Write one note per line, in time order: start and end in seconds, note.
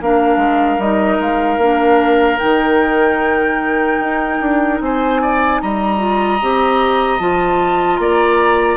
0.00 0.36 A#3
0.00 0.80 D4
0.00 4.82 A#4
0.00 0.81 F5
0.36 0.76 G#3
0.78 1.18 G3
0.78 1.60 D#4
0.78 1.21 D#5
1.19 1.57 G#3
1.19 2.38 F5
1.57 2.37 A#3
1.57 2.38 D4
2.38 3.99 D#3
2.38 5.98 D#4
2.38 4.78 G5
3.99 4.39 D#4
4.40 4.80 D4
4.80 5.60 C4
4.80 5.21 C5
4.80 5.61 G#5
5.21 5.61 D5
5.61 6.41 G3
5.61 8.01 D#5
5.61 7.20 A#5
5.98 6.38 F4
6.41 7.19 C4
6.41 7.19 G4
7.19 7.98 F3
7.19 8.77 F4
7.19 7.97 A5
7.97 8.77 A#3
7.97 8.77 D5
7.97 8.77 A#5